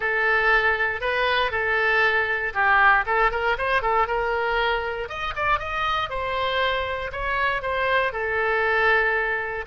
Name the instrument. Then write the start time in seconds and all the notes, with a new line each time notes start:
oboe
0.00 A4
1.00 B4
1.51 A4
2.53 G4
3.06 A4
3.31 A#4
3.58 C5
3.82 A4
4.07 A#4
5.08 D#5
5.35 D5
5.59 D#5
6.09 C5
7.12 C#5
7.62 C5
8.12 A4